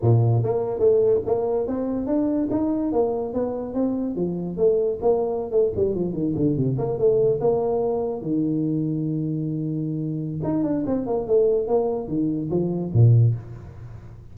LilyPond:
\new Staff \with { instrumentName = "tuba" } { \time 4/4 \tempo 4 = 144 ais,4 ais4 a4 ais4 | c'4 d'4 dis'4 ais4 | b4 c'4 f4 a4 | ais4~ ais16 a8 g8 f8 dis8 d8 c16~ |
c16 ais8 a4 ais2 dis16~ | dis1~ | dis4 dis'8 d'8 c'8 ais8 a4 | ais4 dis4 f4 ais,4 | }